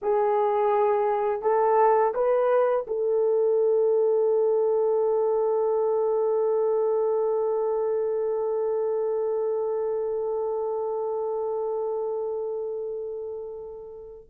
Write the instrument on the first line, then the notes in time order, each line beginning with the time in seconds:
horn
0.02 G#4
1.42 A4
2.14 B4
2.87 A4